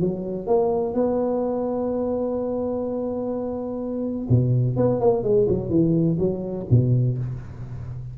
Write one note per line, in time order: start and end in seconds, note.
0.00 0.47 F#3
0.47 0.94 A#3
0.94 4.27 B3
4.29 4.76 B2
4.76 5.00 B3
5.00 5.23 A#3
5.23 5.47 G#3
5.48 5.69 F#3
5.69 6.17 E3
6.19 6.66 F#3
6.70 7.18 B2